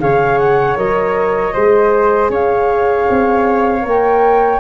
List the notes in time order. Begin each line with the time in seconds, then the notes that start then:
0.00 C#3 G#4 C#5 F5
0.39 F#5
0.77 F#3 A#4 D#5
1.54 G#3 G#4 C5
2.30 C#4 C#5 F5
3.10 C4
3.82 A#3 A#4
3.89 G5